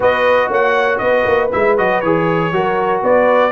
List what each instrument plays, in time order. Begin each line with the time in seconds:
0.00 tuba B3, trombone F#4, horn B4, trumpet D#5
0.49 tuba A#3, horn C#5, trumpet F#5
0.98 tuba B3, horn B4, trumpet D#5
1.26 tuba A#3
1.52 tuba G#3, trombone E4, trumpet E5
1.77 tuba F#3, trombone F#4, trumpet D#5
2.01 tuba E3, trombone G#4, trumpet C#5
2.51 tuba F#3, trombone F#4, horn A#4
3.01 tuba B3, horn B4, trumpet D5